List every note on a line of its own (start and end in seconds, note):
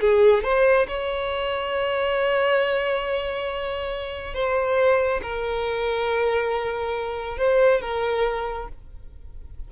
0.00 0.43 G#4
0.43 0.87 C5
0.87 4.34 C#5
4.34 5.21 C5
5.22 7.37 A#4
7.37 7.81 C5
7.81 8.68 A#4